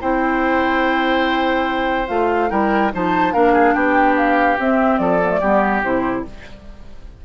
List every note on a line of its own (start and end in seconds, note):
0.00 2.09 C4
0.00 2.07 E4
0.00 2.50 C5
0.00 2.08 G5
2.07 2.51 A3
2.07 2.49 F4
2.07 2.50 F5
2.49 2.92 G3
2.49 2.91 E4
2.49 2.91 A#4
2.49 2.91 G5
2.92 3.34 F3
2.92 3.33 D#4
2.92 3.33 C5
2.92 3.33 A5
3.33 3.74 A#3
3.33 4.58 D4
3.33 3.53 A#4
3.33 3.74 F5
3.53 3.73 G#4
3.74 4.57 B3
3.74 5.00 G4
3.74 4.16 G5
4.16 4.58 F5
4.58 5.21 C4
4.58 4.99 C4
4.58 4.98 E5
4.98 5.40 F3
4.98 5.40 A4
4.98 5.81 D5
5.22 5.29 B3
5.29 5.40 A3
5.40 5.83 G3
5.40 5.83 B3
5.40 6.24 G4
5.83 6.25 C3
5.83 6.25 E4
5.83 6.25 C5